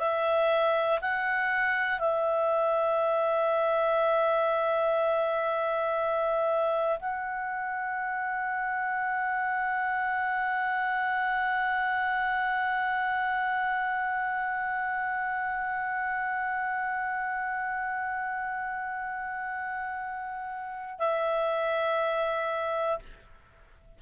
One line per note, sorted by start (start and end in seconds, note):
0.00 1.00 E5
1.01 2.00 F#5
2.00 7.00 E5
7.00 21.00 F#5
21.00 23.00 E5